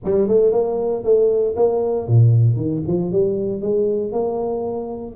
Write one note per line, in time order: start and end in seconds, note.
0.04 0.28 G3
0.28 0.51 A3
0.51 1.03 A#3
1.03 1.55 A3
1.55 2.07 A#3
2.07 2.56 A#2
2.56 2.82 D#3
2.87 3.12 F3
3.12 3.61 G3
3.61 4.12 G#3
4.12 5.15 A#3